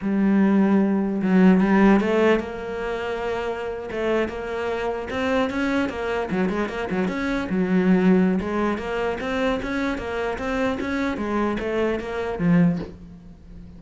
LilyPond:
\new Staff \with { instrumentName = "cello" } { \time 4/4 \tempo 4 = 150 g2. fis4 | g4 a4 ais2~ | ais4.~ ais16 a4 ais4~ ais16~ | ais8. c'4 cis'4 ais4 fis16~ |
fis16 gis8 ais8 fis8 cis'4 fis4~ fis16~ | fis4 gis4 ais4 c'4 | cis'4 ais4 c'4 cis'4 | gis4 a4 ais4 f4 | }